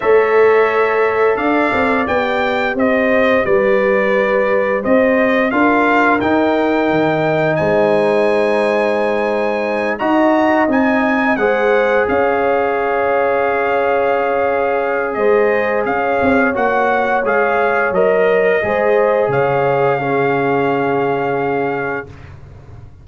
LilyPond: <<
  \new Staff \with { instrumentName = "trumpet" } { \time 4/4 \tempo 4 = 87 e''2 f''4 g''4 | dis''4 d''2 dis''4 | f''4 g''2 gis''4~ | gis''2~ gis''8 ais''4 gis''8~ |
gis''8 fis''4 f''2~ f''8~ | f''2 dis''4 f''4 | fis''4 f''4 dis''2 | f''1 | }
  \new Staff \with { instrumentName = "horn" } { \time 4/4 cis''2 d''2 | c''4 b'2 c''4 | ais'2. c''4~ | c''2~ c''8 dis''4.~ |
dis''8 c''4 cis''2~ cis''8~ | cis''2 c''4 cis''4~ | cis''2. c''4 | cis''4 gis'2. | }
  \new Staff \with { instrumentName = "trombone" } { \time 4/4 a'2. g'4~ | g'1 | f'4 dis'2.~ | dis'2~ dis'8 fis'4 dis'8~ |
dis'8 gis'2.~ gis'8~ | gis'1 | fis'4 gis'4 ais'4 gis'4~ | gis'4 cis'2. | }
  \new Staff \with { instrumentName = "tuba" } { \time 4/4 a2 d'8 c'8 b4 | c'4 g2 c'4 | d'4 dis'4 dis4 gis4~ | gis2~ gis8 dis'4 c'8~ |
c'8 gis4 cis'2~ cis'8~ | cis'2 gis4 cis'8 c'8 | ais4 gis4 fis4 gis4 | cis1 | }
>>